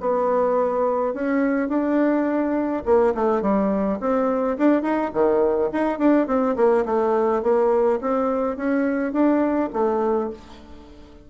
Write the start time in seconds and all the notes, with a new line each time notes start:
0.00 B3
1.14 C#4
1.68 D4
2.85 A#3
3.14 A3
3.42 G3
4.00 C4
4.58 D4
4.82 D#4
5.14 D#3
5.72 D#4
5.98 D4
6.27 C4
6.56 A#3
6.85 A3
7.42 A#3
8.01 C4
8.57 C#4
9.12 D4
9.73 A3